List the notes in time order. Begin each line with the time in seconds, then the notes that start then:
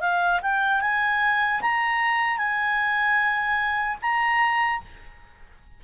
0.00 F5
0.42 G5
0.80 G#5
1.61 A#5
2.37 G#5
4.01 A#5